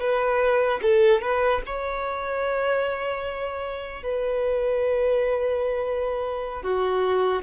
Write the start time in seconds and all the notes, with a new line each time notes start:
0.00 B4
0.82 A4
1.22 B4
1.66 C#5
4.03 B4
6.63 F#4